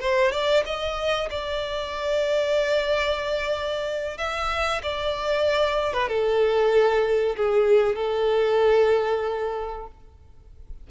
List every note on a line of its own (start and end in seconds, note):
0.00 0.32 C5
0.32 0.64 D5
0.66 1.29 D#5
1.31 4.18 D5
4.18 4.82 E5
4.83 5.93 D5
5.93 6.08 B4
6.08 7.36 A4
7.37 7.96 G#4
7.96 9.87 A4